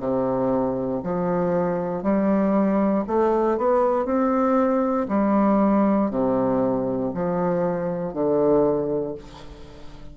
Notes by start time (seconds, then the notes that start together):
0.00 C3
1.04 F3
2.03 G3
3.07 A3
3.58 B3
4.06 C4
5.09 G3
6.11 C3
7.15 F3
8.14 D3